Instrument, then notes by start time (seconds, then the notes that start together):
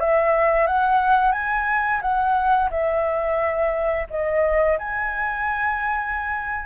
flute
0.00 E5
0.67 F#5
1.32 G#5
2.02 F#5
2.71 E5
4.10 D#5
4.79 G#5